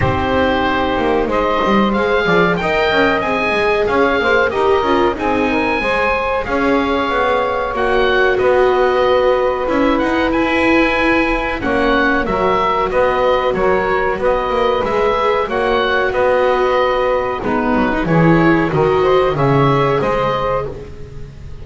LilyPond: <<
  \new Staff \with { instrumentName = "oboe" } { \time 4/4 \tempo 4 = 93 c''2 dis''4 f''4 | g''4 gis''4 f''4 dis''4 | gis''2 f''2 | fis''4 dis''2 e''8 fis''8 |
gis''2 fis''4 e''4 | dis''4 cis''4 dis''4 e''4 | fis''4 dis''2 b'4 | cis''4 dis''4 e''4 dis''4 | }
  \new Staff \with { instrumentName = "saxophone" } { \time 4/4 g'2 c''4. d''8 | dis''2 cis''8 c''8 ais'4 | gis'8 ais'8 c''4 cis''2~ | cis''4 b'2.~ |
b'2 cis''4 ais'4 | b'4 ais'4 b'2 | cis''4 b'2 dis'4 | gis'4 ais'8 c''8 cis''4 c''4 | }
  \new Staff \with { instrumentName = "viola" } { \time 4/4 dis'2. gis'4 | ais'4 gis'2 g'8 f'8 | dis'4 gis'2. | fis'2. e'4~ |
e'2 cis'4 fis'4~ | fis'2. gis'4 | fis'2. b8. dis'16 | e'4 fis'4 gis'2 | }
  \new Staff \with { instrumentName = "double bass" } { \time 4/4 c'4. ais8 gis8 g8 gis8 f8 | dis'8 cis'8 c'8 gis8 cis'8 ais8 dis'8 cis'8 | c'4 gis4 cis'4 b4 | ais4 b2 cis'8 dis'8 |
e'2 ais4 fis4 | b4 fis4 b8 ais8 gis4 | ais4 b2 gis8 fis8 | e4 dis4 cis4 gis4 | }
>>